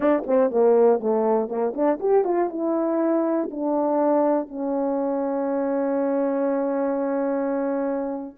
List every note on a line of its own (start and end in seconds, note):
0.00 0.23 D4
0.26 0.50 C4
0.50 1.00 A#3
1.00 1.48 A3
1.48 1.73 A#3
1.74 1.99 D4
2.00 2.24 G4
2.24 2.49 F4
2.49 3.49 E4
3.50 4.48 D4
4.48 8.36 C#4